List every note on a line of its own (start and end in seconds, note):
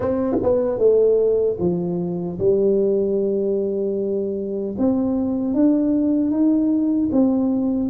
0.00 0.36 C4
0.42 0.78 B3
0.78 1.57 A3
1.59 2.38 F3
2.39 4.75 G3
4.78 5.54 C4
5.54 6.31 D4
6.31 7.09 D#4
7.12 7.89 C4